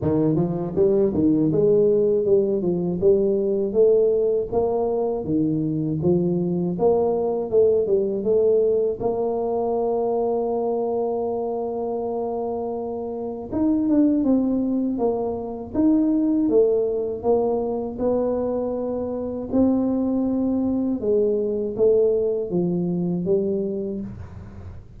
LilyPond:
\new Staff \with { instrumentName = "tuba" } { \time 4/4 \tempo 4 = 80 dis8 f8 g8 dis8 gis4 g8 f8 | g4 a4 ais4 dis4 | f4 ais4 a8 g8 a4 | ais1~ |
ais2 dis'8 d'8 c'4 | ais4 dis'4 a4 ais4 | b2 c'2 | gis4 a4 f4 g4 | }